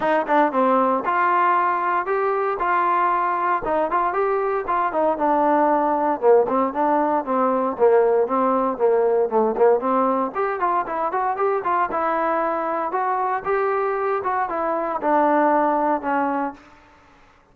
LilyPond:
\new Staff \with { instrumentName = "trombone" } { \time 4/4 \tempo 4 = 116 dis'8 d'8 c'4 f'2 | g'4 f'2 dis'8 f'8 | g'4 f'8 dis'8 d'2 | ais8 c'8 d'4 c'4 ais4 |
c'4 ais4 a8 ais8 c'4 | g'8 f'8 e'8 fis'8 g'8 f'8 e'4~ | e'4 fis'4 g'4. fis'8 | e'4 d'2 cis'4 | }